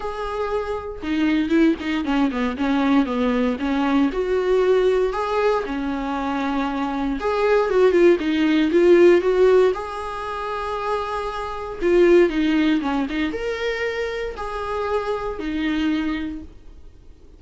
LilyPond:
\new Staff \with { instrumentName = "viola" } { \time 4/4 \tempo 4 = 117 gis'2 dis'4 e'8 dis'8 | cis'8 b8 cis'4 b4 cis'4 | fis'2 gis'4 cis'4~ | cis'2 gis'4 fis'8 f'8 |
dis'4 f'4 fis'4 gis'4~ | gis'2. f'4 | dis'4 cis'8 dis'8 ais'2 | gis'2 dis'2 | }